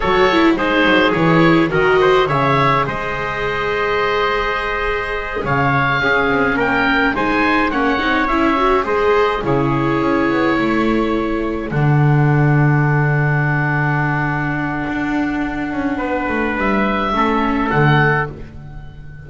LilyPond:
<<
  \new Staff \with { instrumentName = "oboe" } { \time 4/4 \tempo 4 = 105 cis''4 c''4 cis''4 dis''4 | e''4 dis''2.~ | dis''4. f''2 g''8~ | g''8 gis''4 fis''4 e''4 dis''8~ |
dis''8 cis''2.~ cis''8~ | cis''8 fis''2.~ fis''8~ | fis''1~ | fis''4 e''2 fis''4 | }
  \new Staff \with { instrumentName = "trumpet" } { \time 4/4 a'4 gis'2 ais'8 c''8 | cis''4 c''2.~ | c''4. cis''4 gis'4 ais'8~ | ais'8 c''4 cis''2 c''8~ |
c''8 gis'2 a'4.~ | a'1~ | a'1 | b'2 a'2 | }
  \new Staff \with { instrumentName = "viola" } { \time 4/4 fis'8 e'8 dis'4 e'4 fis'4 | gis'1~ | gis'2~ gis'8 cis'4.~ | cis'8 dis'4 cis'8 dis'8 e'8 fis'8 gis'8~ |
gis'8 e'2.~ e'8~ | e'8 d'2.~ d'8~ | d'1~ | d'2 cis'4 a4 | }
  \new Staff \with { instrumentName = "double bass" } { \time 4/4 fis4 gis8 fis8 e4 dis4 | cis4 gis2.~ | gis4. cis4 cis'8 c'8 ais8~ | ais8 gis4 ais8 c'8 cis'4 gis8~ |
gis8 cis4 cis'8 b8 a4.~ | a8 d2.~ d8~ | d2 d'4. cis'8 | b8 a8 g4 a4 d4 | }
>>